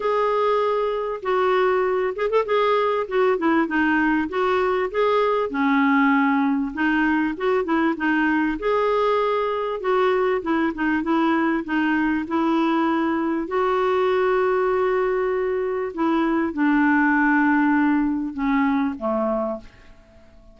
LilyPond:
\new Staff \with { instrumentName = "clarinet" } { \time 4/4 \tempo 4 = 98 gis'2 fis'4. gis'16 a'16 | gis'4 fis'8 e'8 dis'4 fis'4 | gis'4 cis'2 dis'4 | fis'8 e'8 dis'4 gis'2 |
fis'4 e'8 dis'8 e'4 dis'4 | e'2 fis'2~ | fis'2 e'4 d'4~ | d'2 cis'4 a4 | }